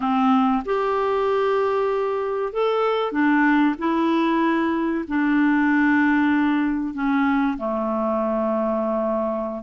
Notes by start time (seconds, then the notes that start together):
0.00 C4
0.65 G4
2.52 A4
3.12 D4
3.78 E4
5.08 D4
6.94 C#4
7.57 A3